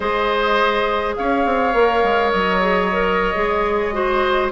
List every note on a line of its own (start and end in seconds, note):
0.00 1.15 G#3
0.00 1.74 G#4
0.00 1.15 C5
0.00 1.15 D#5
1.16 1.45 C#4
1.16 3.94 C#5
1.16 2.31 F5
1.45 1.74 C4
1.74 2.03 A#3
1.74 2.61 A#4
2.03 2.32 G#3
2.31 3.35 F#3
2.31 4.50 D#5
2.61 2.90 G#4
2.92 3.34 A#4
3.34 4.51 G#3
3.34 3.92 G#4
3.92 4.50 F#4
3.92 4.51 C5